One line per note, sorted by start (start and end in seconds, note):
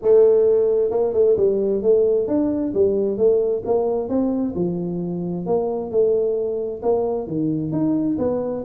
0.01 0.90 A3
0.90 1.13 A#3
1.13 1.36 A3
1.37 1.82 G3
1.82 2.27 A3
2.27 2.73 D4
2.74 3.17 G3
3.17 3.62 A3
3.65 4.08 A#3
4.08 4.54 C4
4.55 5.45 F3
5.45 5.90 A#3
5.90 6.81 A3
6.82 7.27 A#3
7.27 7.72 D#3
7.72 8.17 D#4
8.18 8.63 B3